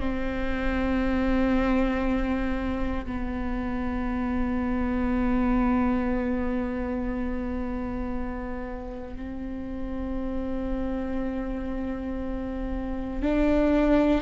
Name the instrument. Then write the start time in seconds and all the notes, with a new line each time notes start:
viola
0.00 C4
3.06 B3
9.16 C4
13.22 D4